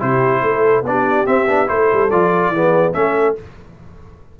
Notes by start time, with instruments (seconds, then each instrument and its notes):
0.00 tuba C3, trombone E4, horn G4, trumpet C5
0.43 tuba A3, horn A4
0.82 tuba B3, trombone D4, trumpet D5
0.90 horn G4
1.26 trombone C4, tuba C4, trumpet E5
1.48 tuba B3, trombone D4
1.66 tuba A3, trombone E4, horn A4, trumpet C5
1.93 tuba G3
2.10 tuba F3, trombone F4, trumpet D5
2.49 tuba E3, horn G#4
2.55 trombone B3
2.93 tuba A3, trombone C#4, horn A4, trumpet E5